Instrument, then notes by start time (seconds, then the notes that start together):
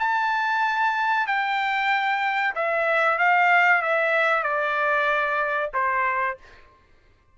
trumpet
0.00 A5
1.27 G5
2.56 E5
3.19 F5
3.82 E5
4.44 D5
5.74 C5